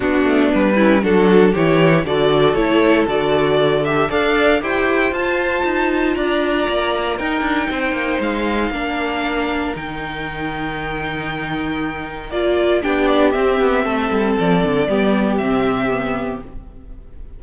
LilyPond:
<<
  \new Staff \with { instrumentName = "violin" } { \time 4/4 \tempo 4 = 117 fis'4 b'4 a'4 cis''4 | d''4 cis''4 d''4. e''8 | f''4 g''4 a''2 | ais''2 g''2 |
f''2. g''4~ | g''1 | d''4 g''8 d''8 e''2 | d''2 e''2 | }
  \new Staff \with { instrumentName = "violin" } { \time 4/4 d'4. e'8 fis'4 g'4 | a'1 | d''4 c''2. | d''2 ais'4 c''4~ |
c''4 ais'2.~ | ais'1~ | ais'4 g'2 a'4~ | a'4 g'2. | }
  \new Staff \with { instrumentName = "viola" } { \time 4/4 b4. cis'8 d'4 e'4 | fis'4 e'4 fis'4. g'8 | a'4 g'4 f'2~ | f'2 dis'2~ |
dis'4 d'2 dis'4~ | dis'1 | f'4 d'4 c'2~ | c'4 b4 c'4 b4 | }
  \new Staff \with { instrumentName = "cello" } { \time 4/4 b8 a8 g4 fis4 e4 | d4 a4 d2 | d'4 e'4 f'4 dis'4 | d'4 ais4 dis'8 d'8 c'8 ais8 |
gis4 ais2 dis4~ | dis1 | ais4 b4 c'8 b8 a8 g8 | f8 d8 g4 c2 | }
>>